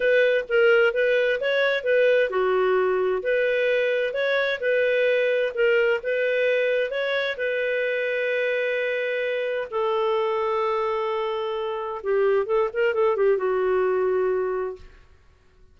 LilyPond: \new Staff \with { instrumentName = "clarinet" } { \time 4/4 \tempo 4 = 130 b'4 ais'4 b'4 cis''4 | b'4 fis'2 b'4~ | b'4 cis''4 b'2 | ais'4 b'2 cis''4 |
b'1~ | b'4 a'2.~ | a'2 g'4 a'8 ais'8 | a'8 g'8 fis'2. | }